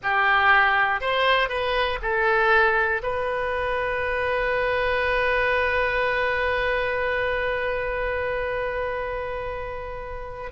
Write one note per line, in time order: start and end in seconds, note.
0.02 1.00 G4
1.00 1.48 C5
1.48 1.98 B4
2.01 3.01 A4
3.02 10.51 B4